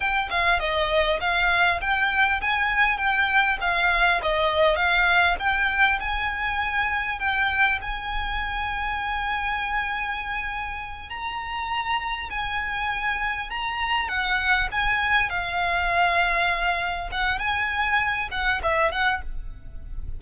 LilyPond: \new Staff \with { instrumentName = "violin" } { \time 4/4 \tempo 4 = 100 g''8 f''8 dis''4 f''4 g''4 | gis''4 g''4 f''4 dis''4 | f''4 g''4 gis''2 | g''4 gis''2.~ |
gis''2~ gis''8 ais''4.~ | ais''8 gis''2 ais''4 fis''8~ | fis''8 gis''4 f''2~ f''8~ | f''8 fis''8 gis''4. fis''8 e''8 fis''8 | }